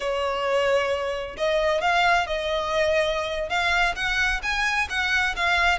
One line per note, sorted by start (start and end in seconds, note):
0.00 1.36 C#5
1.37 1.81 D#5
1.81 2.26 F5
2.26 3.49 D#5
3.49 3.94 F5
3.95 4.41 F#5
4.42 4.88 G#5
4.89 5.35 F#5
5.36 5.78 F5